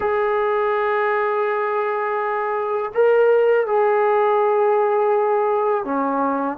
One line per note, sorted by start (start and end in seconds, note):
0.00 2.92 G#4
2.94 3.66 A#4
3.66 5.84 G#4
5.84 6.57 C#4